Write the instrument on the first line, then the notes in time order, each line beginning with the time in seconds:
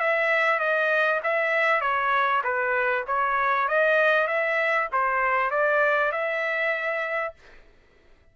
trumpet
0.00 E5
0.60 D#5
1.24 E5
1.81 C#5
2.44 B4
3.07 C#5
3.68 D#5
4.28 E5
4.93 C5
5.51 D5
6.12 E5